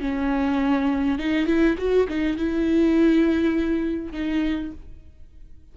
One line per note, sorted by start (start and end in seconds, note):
0.00 1.18 C#4
1.18 1.46 D#4
1.46 1.76 E4
1.78 2.07 F#4
2.08 2.37 D#4
2.37 4.12 E4
4.12 4.71 D#4